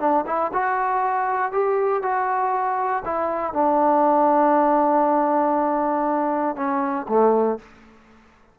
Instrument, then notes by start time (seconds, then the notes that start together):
trombone
0.00 D4
0.27 E4
0.54 F#4
1.52 G4
2.03 F#4
3.05 E4
3.54 D4
6.56 C#4
7.09 A3